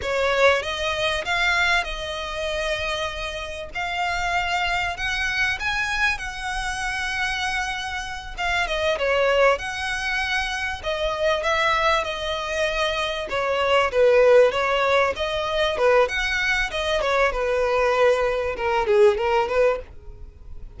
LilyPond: \new Staff \with { instrumentName = "violin" } { \time 4/4 \tempo 4 = 97 cis''4 dis''4 f''4 dis''4~ | dis''2 f''2 | fis''4 gis''4 fis''2~ | fis''4. f''8 dis''8 cis''4 fis''8~ |
fis''4. dis''4 e''4 dis''8~ | dis''4. cis''4 b'4 cis''8~ | cis''8 dis''4 b'8 fis''4 dis''8 cis''8 | b'2 ais'8 gis'8 ais'8 b'8 | }